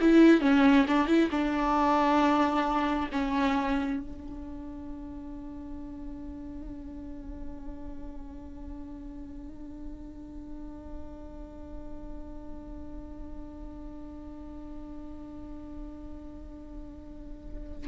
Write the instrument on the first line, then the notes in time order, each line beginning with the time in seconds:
viola
0.00 E4
0.41 C#4
0.87 D4
1.07 E4
1.31 D4
3.11 C#4
4.00 D4